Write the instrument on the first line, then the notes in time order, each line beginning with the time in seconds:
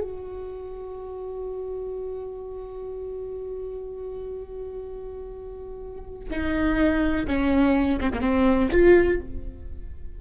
viola
0.00 F#4
6.29 D#4
7.26 C#4
8.00 C4
8.13 A#3
8.20 C4
8.71 F4